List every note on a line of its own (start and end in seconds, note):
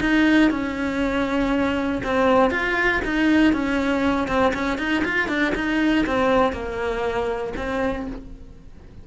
0.00 0.50 D#4
0.50 2.01 C#4
2.03 2.50 C4
2.50 3.01 F4
3.04 3.53 D#4
3.53 4.28 C#4
4.28 4.53 C4
4.54 4.78 C#4
4.78 5.03 D#4
5.04 5.28 F4
5.28 5.53 D4
5.55 6.05 D#4
6.06 6.52 C4
6.52 7.53 A#3
7.56 8.06 C4